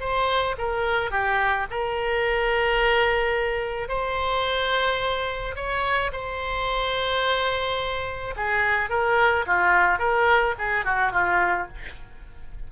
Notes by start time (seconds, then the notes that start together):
0.00 C5
0.58 A#4
1.11 G4
1.70 A#4
3.88 C5
5.56 C#5
6.12 C5
8.36 G#4
8.90 A#4
9.46 F4
9.99 A#4
10.58 G#4
10.85 F#4
11.12 F4